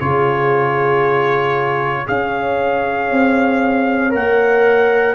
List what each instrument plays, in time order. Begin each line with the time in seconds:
0.00 tuba C#3, trombone F4, horn G#4, trumpet C#5
2.06 tuba C#4, trombone G#4, horn C#5, trumpet F5
3.11 tuba C4
4.11 tuba A#3, trombone A#4, trumpet F#5